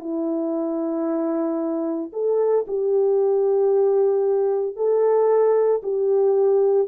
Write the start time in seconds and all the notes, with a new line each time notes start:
0.00 E4
2.13 A4
2.68 G4
4.77 A4
5.83 G4